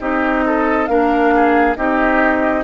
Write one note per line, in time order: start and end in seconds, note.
0.00 0.88 C4
0.00 0.88 D#4
0.00 0.44 G4
0.00 0.86 D#5
0.46 0.90 A4
0.86 1.76 A#3
0.86 1.76 D4
0.86 1.34 A#4
0.86 1.75 F5
1.35 1.78 G#4
1.76 2.64 C4
1.76 2.64 D#4
1.76 2.64 G4
1.76 2.64 D#5